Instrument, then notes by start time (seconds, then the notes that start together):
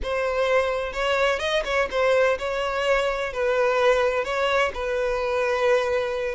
violin
0.02 C5
0.92 C#5
1.39 D#5
1.64 C#5
1.90 C5
2.38 C#5
3.32 B4
4.24 C#5
4.74 B4